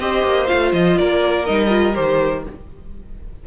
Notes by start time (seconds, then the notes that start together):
0.00 C4 G4 C5 D#5
0.24 A#3
0.47 F4 F5
0.53 A3
0.73 F3 D#5
0.98 A#3 A#4 D5
1.45 G3 D#4 D#5
1.69 F4
1.95 D#3 G4 C5